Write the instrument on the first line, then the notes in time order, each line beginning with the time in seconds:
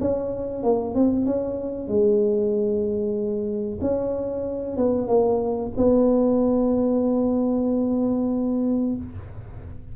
tuba
0.00 C#4
0.63 A#3
0.95 C4
1.26 C#4
1.88 G#3
3.81 C#4
4.77 B3
5.08 A#3
5.77 B3